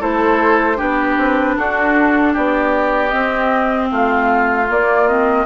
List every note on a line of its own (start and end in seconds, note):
0.00 0.80 A3
0.00 0.76 E4
0.00 0.77 A4
0.00 0.80 C5
0.76 1.18 B3
0.76 3.10 D4
0.76 1.55 G4
0.76 1.57 B4
1.18 1.56 C4
1.57 2.35 D4
1.57 2.33 F#4
1.57 2.35 A4
2.33 3.13 B3
2.33 3.88 G4
2.33 3.08 D5
3.08 4.66 C4
3.08 3.91 C4
3.08 3.86 D#5
3.91 4.69 A3
3.91 5.45 F4
3.91 4.69 F5
4.68 5.07 A#3
4.68 5.45 A#3
4.68 5.08 D5
5.07 5.45 C4
5.07 5.45 D#5